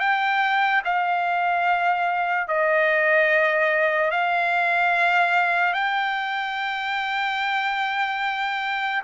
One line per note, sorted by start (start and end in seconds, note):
0.00 0.82 G5
0.85 2.48 F5
2.48 4.11 D#5
4.11 5.73 F5
5.73 9.02 G5